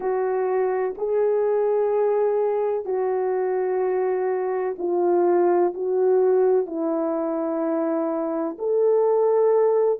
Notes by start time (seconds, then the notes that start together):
0.00 F#4
0.97 G#4
2.85 F#4
4.78 F4
5.74 F#4
6.66 E4
8.58 A4